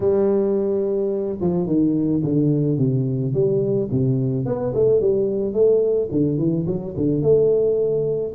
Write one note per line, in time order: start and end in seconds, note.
0.00 1.38 G3
1.40 1.66 F3
1.66 2.21 D#3
2.23 2.78 D3
2.78 3.33 C3
3.33 3.89 G3
3.91 4.45 C3
4.45 4.73 B3
4.74 5.00 A3
5.00 5.53 G3
5.53 6.08 A3
6.11 6.37 D3
6.37 6.65 E3
6.66 6.94 F#3
6.96 7.22 D3
7.22 8.33 A3